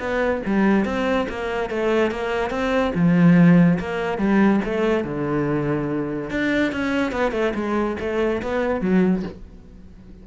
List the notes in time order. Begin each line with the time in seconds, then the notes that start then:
0.00 B3
0.46 G3
0.85 C4
1.29 A#3
1.70 A3
2.11 A#3
2.50 C4
2.95 F3
3.80 A#3
4.19 G3
4.65 A3
5.05 D3
6.31 D4
6.73 C#4
7.12 B3
7.32 A3
7.55 G#3
8.00 A3
8.43 B3
8.81 F#3